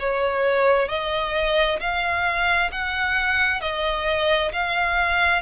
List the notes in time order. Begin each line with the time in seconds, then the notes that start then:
0.00 C#5
0.89 D#5
1.80 F5
2.72 F#5
3.61 D#5
4.53 F5